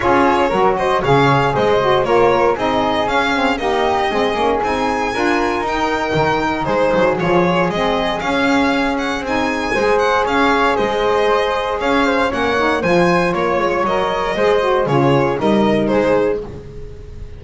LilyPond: <<
  \new Staff \with { instrumentName = "violin" } { \time 4/4 \tempo 4 = 117 cis''4. dis''8 f''4 dis''4 | cis''4 dis''4 f''4 dis''4~ | dis''4 gis''2 g''4~ | g''4 c''4 cis''4 dis''4 |
f''4. fis''8 gis''4. fis''8 | f''4 dis''2 f''4 | fis''4 gis''4 cis''4 dis''4~ | dis''4 cis''4 dis''4 c''4 | }
  \new Staff \with { instrumentName = "flute" } { \time 4/4 gis'4 ais'8 c''8 cis''4 c''4 | ais'4 gis'2 g'4 | gis'2 ais'2~ | ais'4 gis'2.~ |
gis'2. c''4 | cis''4 c''2 cis''8 c''8 | cis''4 c''4 cis''2 | c''4 gis'4 ais'4 gis'4 | }
  \new Staff \with { instrumentName = "saxophone" } { \time 4/4 f'4 fis'4 gis'4. fis'8 | f'4 dis'4 cis'8 c'8 ais4 | c'8 cis'8 dis'4 f'4 dis'4~ | dis'2 f'4 c'4 |
cis'2 dis'4 gis'4~ | gis'1 | cis'8 dis'8 f'2 ais'4 | gis'8 fis'8 f'4 dis'2 | }
  \new Staff \with { instrumentName = "double bass" } { \time 4/4 cis'4 fis4 cis4 gis4 | ais4 c'4 cis'4 dis'4 | gis8 ais8 c'4 d'4 dis'4 | dis4 gis8 fis8 f4 gis4 |
cis'2 c'4 gis4 | cis'4 gis2 cis'4 | ais4 f4 ais8 gis8 fis4 | gis4 cis4 g4 gis4 | }
>>